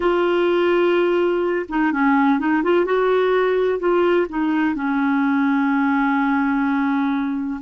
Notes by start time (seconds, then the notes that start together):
0.00 F4
1.68 D#4
1.92 C#4
2.39 D#4
2.63 F4
2.85 F#4
3.79 F4
4.29 D#4
4.74 C#4